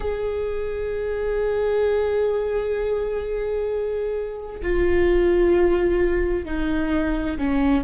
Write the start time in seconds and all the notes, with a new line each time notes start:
0.00 G#4
4.62 F4
6.45 D#4
7.38 C#4